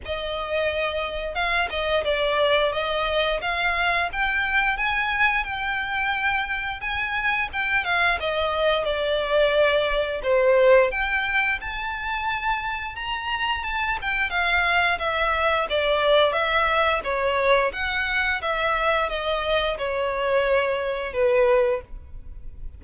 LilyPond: \new Staff \with { instrumentName = "violin" } { \time 4/4 \tempo 4 = 88 dis''2 f''8 dis''8 d''4 | dis''4 f''4 g''4 gis''4 | g''2 gis''4 g''8 f''8 | dis''4 d''2 c''4 |
g''4 a''2 ais''4 | a''8 g''8 f''4 e''4 d''4 | e''4 cis''4 fis''4 e''4 | dis''4 cis''2 b'4 | }